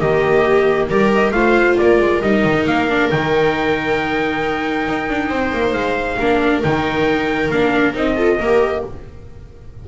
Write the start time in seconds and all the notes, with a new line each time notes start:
0.00 D#3 A#3 G4 D#5
0.89 G3 G4 A#4 D5
1.16 D#5
1.31 A3 F4 C5 F5
1.78 A#3 A#4 D5
1.99 G#3
2.22 G3 D#4 D#5
2.44 D#3
2.67 A#3 F5
2.90 D4
3.11 D#3 D#4 G5
4.88 D#4
5.10 D4
5.29 C4 C5
5.53 A#3
5.73 G#3 F5
6.20 A#3 D4 A#4
6.63 D#3 D#4 G5
7.51 A#3 D4 F5
7.94 C4 D#4 D#5
8.16 F4 A4
8.39 A#3 G4 A#4